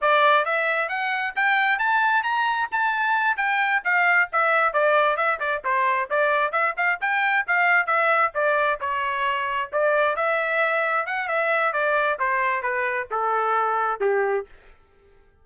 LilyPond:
\new Staff \with { instrumentName = "trumpet" } { \time 4/4 \tempo 4 = 133 d''4 e''4 fis''4 g''4 | a''4 ais''4 a''4. g''8~ | g''8 f''4 e''4 d''4 e''8 | d''8 c''4 d''4 e''8 f''8 g''8~ |
g''8 f''4 e''4 d''4 cis''8~ | cis''4. d''4 e''4.~ | e''8 fis''8 e''4 d''4 c''4 | b'4 a'2 g'4 | }